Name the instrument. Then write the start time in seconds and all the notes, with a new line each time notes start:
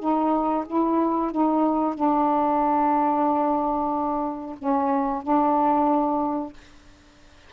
saxophone
0.00 D#4
0.67 E4
1.32 D#4
1.95 D4
4.59 C#4
5.23 D4